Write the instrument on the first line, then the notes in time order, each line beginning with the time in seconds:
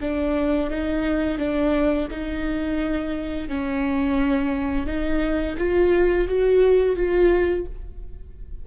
viola
0.00 D4
0.70 D#4
1.38 D4
2.11 D#4
3.48 C#4
4.86 D#4
5.58 F4
6.28 F#4
6.96 F4